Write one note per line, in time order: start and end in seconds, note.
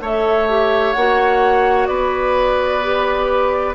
0.00 0.94 A3
0.00 0.49 A4
0.00 1.88 C#5
0.00 0.92 E5
0.49 0.96 G4
0.92 1.88 A#3
0.92 2.82 F#4
0.92 1.86 F#5
1.86 3.75 B3
1.86 3.75 B4
1.86 3.74 D5
2.82 3.75 G4